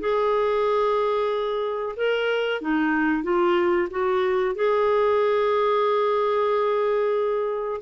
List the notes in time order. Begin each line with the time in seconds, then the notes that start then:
0.00 G#4
1.96 A#4
2.61 D#4
3.23 F4
3.90 F#4
4.55 G#4